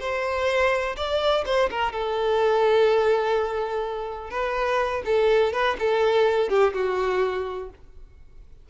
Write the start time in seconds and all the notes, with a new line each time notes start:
0.00 C5
0.96 D5
1.46 C5
1.70 A#4
1.92 A4
4.30 B4
5.05 A4
5.53 B4
5.79 A4
6.49 G4
6.74 F#4